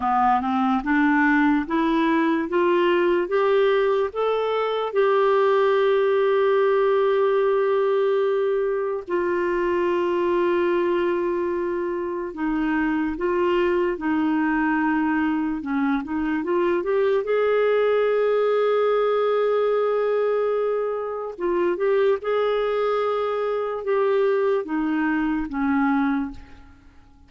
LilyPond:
\new Staff \with { instrumentName = "clarinet" } { \time 4/4 \tempo 4 = 73 b8 c'8 d'4 e'4 f'4 | g'4 a'4 g'2~ | g'2. f'4~ | f'2. dis'4 |
f'4 dis'2 cis'8 dis'8 | f'8 g'8 gis'2.~ | gis'2 f'8 g'8 gis'4~ | gis'4 g'4 dis'4 cis'4 | }